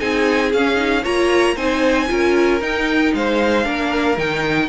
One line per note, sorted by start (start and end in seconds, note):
0.00 0.53 C4
0.00 0.52 D#4
0.00 1.03 G#4
0.00 0.52 G#5
0.53 1.05 C#4
0.53 0.76 C#4
0.53 1.05 F5
0.76 1.02 D#4
1.03 1.57 A#3
1.03 1.57 F4
1.03 1.55 C#5
1.03 1.57 A#5
1.56 2.09 C4
1.56 2.08 D#4
1.56 2.08 C5
1.56 2.62 G#5
2.08 2.61 C#4
2.08 2.61 F4
2.08 3.15 A#4
2.61 3.64 D#4
2.61 3.13 D#4
2.61 3.15 G5
3.15 3.66 G#3
3.15 3.66 C5
3.15 4.19 F5
3.64 4.18 A#3
3.64 4.17 D4
3.64 4.69 A#4
4.18 4.69 D#3
4.18 4.69 D#4
4.18 4.69 G5